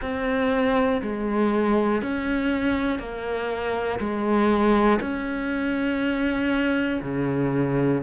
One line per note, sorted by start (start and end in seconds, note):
0.01 1.01 C4
1.01 2.01 G#3
2.01 2.99 C#4
2.99 3.99 A#3
4.00 5.00 G#3
5.00 7.00 C#4
7.02 8.02 C#3